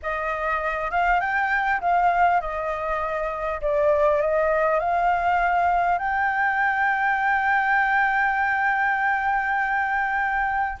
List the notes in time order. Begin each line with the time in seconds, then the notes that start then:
0.02 D#5
0.91 F5
1.20 G5
1.80 F5
2.40 D#5
3.61 D5
4.21 D#5
4.79 F5
5.98 G5